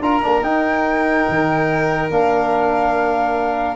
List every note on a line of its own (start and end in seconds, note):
0.00 0.21 D4
0.00 0.22 F4
0.00 3.76 A#4
0.00 0.43 A#5
0.22 0.42 A#3
0.22 0.43 D4
0.42 1.26 D#4
0.42 2.11 D#4
0.42 2.10 G5
1.29 2.10 D#3
2.10 3.76 A#3
2.10 3.76 D4
2.10 3.76 F5